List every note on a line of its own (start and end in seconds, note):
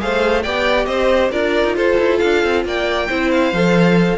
0.00 0.45 A3
0.00 0.44 G#4
0.00 0.42 C5
0.00 0.42 F5
0.42 0.86 B3
0.42 1.32 G4
0.42 0.86 D5
0.42 0.85 G5
0.85 1.30 C4
0.85 1.31 C5
0.85 1.29 D#5
1.31 1.64 D4
1.31 3.08 F4
1.31 1.75 A#4
1.31 1.75 D5
1.64 1.75 D#4
1.75 1.97 F4
1.75 2.64 A4
1.75 2.18 C5
1.99 2.21 E4
2.18 2.43 D4
2.18 2.62 F5
2.43 2.64 C4
2.64 3.08 A#3
2.64 3.08 D5
2.64 3.31 G5
3.08 3.52 C4
3.08 3.54 E4
3.08 4.17 C5
3.31 4.17 F5
3.52 4.17 F3
3.52 4.17 A4